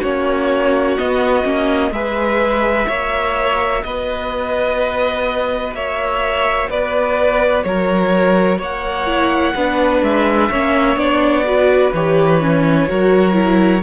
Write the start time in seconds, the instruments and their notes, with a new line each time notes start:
0.00 cello A#3, viola C#4, violin F#4 C#5
0.98 viola B3, cello B3, violin D#5
1.44 cello A#3, viola C#4
1.91 cello G#3, viola G#4, violin B4 E5
2.88 cello A#3, viola F#4, violin C#5
3.84 cello B3, violin B4 D#5
5.74 cello A#3, violin C#5 E5
6.70 cello B3, violin B4 D5
7.64 cello F#3, violin A#4 C#5
8.59 cello A#3, violin C#5 F#5
9.07 viola E4
9.55 cello B3, viola D4, violin B4
10.03 cello G#3, violin E5
10.50 cello A#3, viola C#4, violin C#5
10.97 cello B3, viola D4, violin D5
11.45 viola F#4, violin B4
11.94 cello E3, viola G4, violin C#5
12.41 viola C#4
12.88 cello F#3, viola F#4, violin A#4
13.33 viola E4